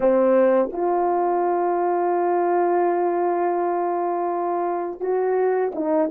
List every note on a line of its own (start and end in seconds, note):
0.00 0.69 C4
0.72 5.00 F4
5.00 5.71 F#4
5.74 6.10 D#4